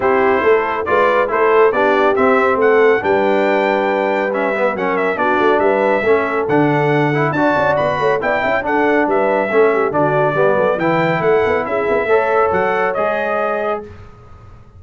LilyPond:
<<
  \new Staff \with { instrumentName = "trumpet" } { \time 4/4 \tempo 4 = 139 c''2 d''4 c''4 | d''4 e''4 fis''4 g''4~ | g''2 e''4 fis''8 e''8 | d''4 e''2 fis''4~ |
fis''4 a''4 b''4 g''4 | fis''4 e''2 d''4~ | d''4 g''4 fis''4 e''4~ | e''4 fis''4 dis''2 | }
  \new Staff \with { instrumentName = "horn" } { \time 4/4 g'4 a'4 b'4 a'4 | g'2 a'4 b'4~ | b'2. ais'4 | fis'4 b'4 a'2~ |
a'4 d''4. cis''8 d''8 e''8 | a'4 b'4 a'8 g'8 fis'4 | g'8 a'8 b'4 a'4 gis'4 | cis''1 | }
  \new Staff \with { instrumentName = "trombone" } { \time 4/4 e'2 f'4 e'4 | d'4 c'2 d'4~ | d'2 cis'8 b8 cis'4 | d'2 cis'4 d'4~ |
d'8 e'8 fis'2 e'4 | d'2 cis'4 d'4 | b4 e'2. | a'2 gis'2 | }
  \new Staff \with { instrumentName = "tuba" } { \time 4/4 c'4 a4 gis4 a4 | b4 c'4 a4 g4~ | g2. fis4 | b8 a8 g4 a4 d4~ |
d4 d'8 cis'8 b8 a8 b8 cis'8 | d'4 g4 a4 d4 | g8 fis8 e4 a8 b8 cis'8 b8 | a4 fis4 gis2 | }
>>